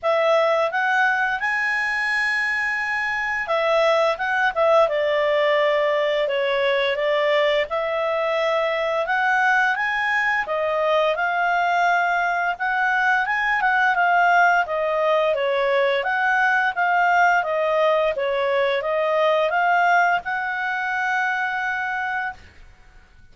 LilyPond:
\new Staff \with { instrumentName = "clarinet" } { \time 4/4 \tempo 4 = 86 e''4 fis''4 gis''2~ | gis''4 e''4 fis''8 e''8 d''4~ | d''4 cis''4 d''4 e''4~ | e''4 fis''4 gis''4 dis''4 |
f''2 fis''4 gis''8 fis''8 | f''4 dis''4 cis''4 fis''4 | f''4 dis''4 cis''4 dis''4 | f''4 fis''2. | }